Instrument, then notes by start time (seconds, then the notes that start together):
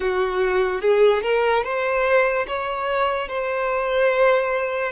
violin
0.00 F#4
0.81 G#4
1.22 A#4
1.63 C5
2.47 C#5
3.28 C5